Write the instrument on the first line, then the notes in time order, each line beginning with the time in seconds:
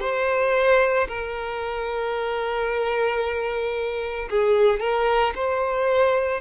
violin
0.00 C5
1.08 A#4
4.30 G#4
4.80 A#4
5.35 C5